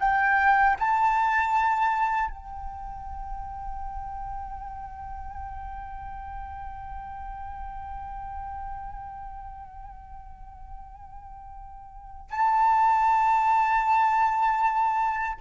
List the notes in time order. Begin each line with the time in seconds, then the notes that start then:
0.00 G5
0.79 A5
2.30 G5
12.31 A5